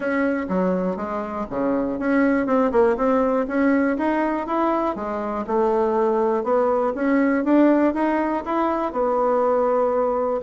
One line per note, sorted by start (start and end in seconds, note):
0.00 0.46 C#4
0.48 0.96 F#3
0.96 1.46 G#3
1.49 1.99 C#3
1.99 2.46 C#4
2.46 2.71 C4
2.71 2.96 A#3
2.96 3.46 C4
3.47 3.97 C#4
3.97 4.46 D#4
4.46 4.95 E4
4.95 5.45 G#3
5.47 6.43 A3
6.43 6.93 B3
6.94 7.44 C#4
7.44 7.94 D4
7.94 8.43 D#4
8.45 8.92 E4
8.92 10.41 B3